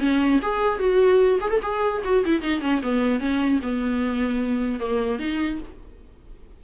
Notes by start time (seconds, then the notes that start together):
0.00 C#4
0.42 G#4
0.79 F#4
1.41 G#4
1.50 A4
1.63 G#4
2.04 F#4
2.25 E4
2.42 D#4
2.61 C#4
2.83 B3
3.20 C#4
3.62 B3
4.80 A#3
5.19 D#4